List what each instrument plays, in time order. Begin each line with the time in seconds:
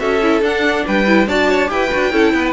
0.00 cello C#4, viola F#4, violin A4 E5
0.22 viola E4
0.42 cello D4, viola D4, violin F#5
0.86 cello G3, violin B4 G5
1.07 viola E4
1.28 cello D4, viola F#4, violin D5 A5
1.49 violin C#5
1.67 cello E4, viola G4, violin B4 G5
1.92 cello D4, viola F#4
2.12 cello C#4, viola E4, violin A4
2.33 cello B3, violin B4